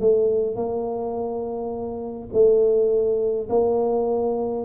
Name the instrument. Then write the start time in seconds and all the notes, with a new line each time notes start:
tuba
0.00 A3
0.56 A#3
2.33 A3
3.50 A#3